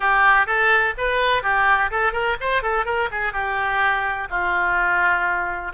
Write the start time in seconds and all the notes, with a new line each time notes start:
0.00 G4
0.46 A4
0.97 B4
1.42 G4
1.90 A4
2.12 A#4
2.40 C5
2.62 A4
2.85 A#4
3.11 G#4
3.32 G4
4.29 F4